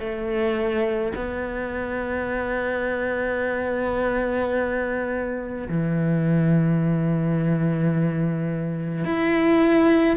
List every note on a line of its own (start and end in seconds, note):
0.00 1.13 A3
1.16 5.69 B3
5.69 9.05 E3
9.05 10.17 E4